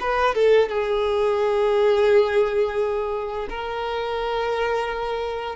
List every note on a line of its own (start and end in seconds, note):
0.00 0.34 B4
0.34 0.68 A4
0.68 3.48 G#4
3.49 5.56 A#4